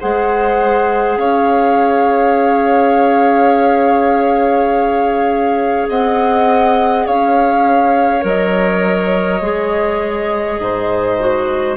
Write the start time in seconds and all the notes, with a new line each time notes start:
0.00 G#3 G#4 C5 F#5
1.17 C#4 C#5 F5
5.88 C4 D#5 F#5
7.06 C#4 C#5 F5
8.22 F#3 A#4 D#5
9.41 G#3 G#4
10.59 G#2 C5
11.19 F#4